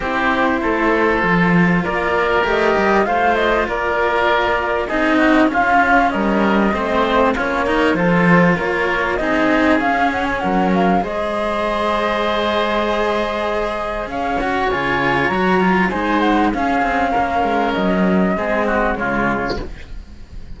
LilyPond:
<<
  \new Staff \with { instrumentName = "flute" } { \time 4/4 \tempo 4 = 98 c''2. d''4 | dis''4 f''8 dis''8 d''2 | dis''4 f''4 dis''2 | cis''4 c''4 cis''4 dis''4 |
f''8 fis''16 gis''16 fis''8 f''8 dis''2~ | dis''2. f''8 fis''8 | gis''4 ais''4 gis''8 fis''8 f''4~ | f''4 dis''2 cis''4 | }
  \new Staff \with { instrumentName = "oboe" } { \time 4/4 g'4 a'2 ais'4~ | ais'4 c''4 ais'2 | gis'8 fis'8 f'4 ais'4 c''4 | f'8 ais'8 a'4 ais'4 gis'4~ |
gis'4 ais'4 c''2~ | c''2. cis''4~ | cis''2 c''4 gis'4 | ais'2 gis'8 fis'8 f'4 | }
  \new Staff \with { instrumentName = "cello" } { \time 4/4 e'2 f'2 | g'4 f'2. | dis'4 cis'2 c'4 | cis'8 dis'8 f'2 dis'4 |
cis'2 gis'2~ | gis'2.~ gis'8 fis'8 | f'4 fis'8 f'8 dis'4 cis'4~ | cis'2 c'4 gis4 | }
  \new Staff \with { instrumentName = "cello" } { \time 4/4 c'4 a4 f4 ais4 | a8 g8 a4 ais2 | c'4 cis'4 g4 a4 | ais4 f4 ais4 c'4 |
cis'4 fis4 gis2~ | gis2. cis'4 | cis4 fis4 gis4 cis'8 c'8 | ais8 gis8 fis4 gis4 cis4 | }
>>